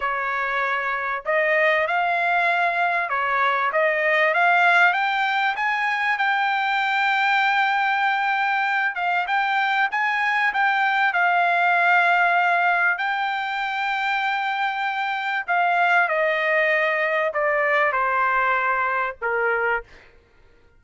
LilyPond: \new Staff \with { instrumentName = "trumpet" } { \time 4/4 \tempo 4 = 97 cis''2 dis''4 f''4~ | f''4 cis''4 dis''4 f''4 | g''4 gis''4 g''2~ | g''2~ g''8 f''8 g''4 |
gis''4 g''4 f''2~ | f''4 g''2.~ | g''4 f''4 dis''2 | d''4 c''2 ais'4 | }